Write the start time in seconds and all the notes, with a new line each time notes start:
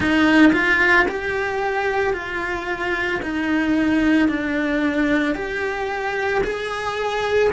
0.00 D#4
0.52 F4
1.08 G4
2.13 F4
3.22 D#4
4.28 D4
5.35 G4
6.43 G#4